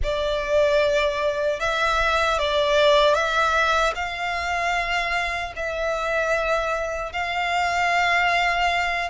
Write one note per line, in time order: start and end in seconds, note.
0.03 1.60 D5
1.60 2.38 E5
2.38 3.14 D5
3.14 3.93 E5
3.95 5.53 F5
5.56 7.12 E5
7.12 9.09 F5